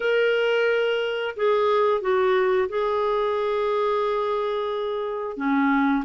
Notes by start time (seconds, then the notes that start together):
0.00 A#4
1.36 G#4
2.01 F#4
2.68 G#4
5.36 C#4